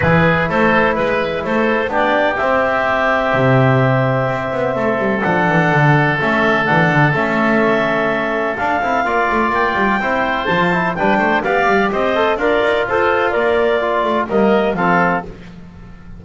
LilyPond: <<
  \new Staff \with { instrumentName = "clarinet" } { \time 4/4 \tempo 4 = 126 b'4 c''4 b'4 c''4 | d''4 e''2.~ | e''2. fis''4~ | fis''4 e''4 fis''4 e''4~ |
e''2 f''2 | g''2 a''4 g''4 | f''4 dis''4 d''4 c''4 | d''2 dis''4 f''4 | }
  \new Staff \with { instrumentName = "oboe" } { \time 4/4 gis'4 a'4 b'4 a'4 | g'1~ | g'2 a'2~ | a'1~ |
a'2. d''4~ | d''4 c''2 b'8 c''8 | d''4 c''4 f'2~ | f'2 ais'4 a'4 | }
  \new Staff \with { instrumentName = "trombone" } { \time 4/4 e'1 | d'4 c'2.~ | c'2. d'4~ | d'4 cis'4 d'4 cis'4~ |
cis'2 d'8 e'8 f'4~ | f'4 e'4 f'8 e'8 d'4 | g'4. a'8 ais'4 a'4 | ais'4 f'4 ais4 c'4 | }
  \new Staff \with { instrumentName = "double bass" } { \time 4/4 e4 a4 gis4 a4 | b4 c'2 c4~ | c4 c'8 b8 a8 g8 f8 e8 | d4 a4 e8 d8 a4~ |
a2 d'8 c'8 ais8 a8 | ais8 g8 c'4 f4 g8 a8 | b8 g8 c'4 d'8 dis'8 f'4 | ais4. a8 g4 f4 | }
>>